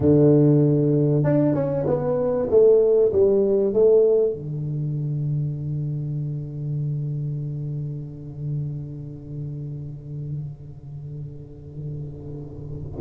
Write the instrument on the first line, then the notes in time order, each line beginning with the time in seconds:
tuba
0.00 D3
1.23 D4
1.54 C#4
1.86 B3
2.50 A3
3.12 G3
3.73 A3
4.33 D3